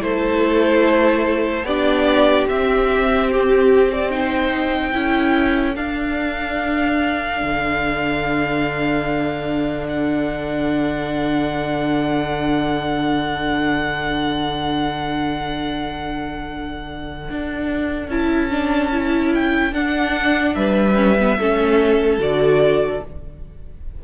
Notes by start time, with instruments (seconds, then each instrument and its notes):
0.00 cello A3, viola E4, violin A4 C5
1.63 cello B3, viola D4, violin G4 D5
2.49 cello C4, viola C4, violin E5
3.31 violin G4
3.92 violin D5
4.11 viola D#4, violin C5 G5
4.92 cello C#4, viola E4, violin A4
5.76 viola D4, cello D4, violin F5
7.42 cello D3
9.88 violin F#5
17.30 cello D4
18.08 cello C#4, viola E4, violin A5
18.50 viola D4
18.92 viola E4
19.34 violin G5
19.72 cello D4, viola D4, violin F#5
20.55 cello G3, violin B4 E5
20.95 viola C#4
21.19 viola B3
21.38 cello A3, viola C#4, violin A4
22.18 cello D3, viola F#4, violin D5